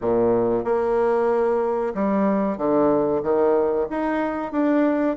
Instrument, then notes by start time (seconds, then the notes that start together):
bassoon
0.01 A#2
0.64 A#3
1.94 G3
2.57 D3
3.22 D#3
3.90 D#4
4.52 D4